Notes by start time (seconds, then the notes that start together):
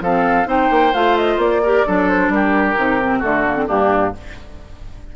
0.00 F3 C4 A4 F5
0.45 C4 D#4 C5 G5
0.70 A#3
0.94 A3 F4 F5
1.17 D#5
1.37 A#3 D5
1.63 G4 A#4
1.86 F#3 D4 A4
2.08 C5
2.29 G3 G4 A#4
2.76 C3 D#4
3.02 C4
3.18 D3 A3 F#4 A4
3.46 A#3
3.56 C4
3.67 G2 A#3 D4 G4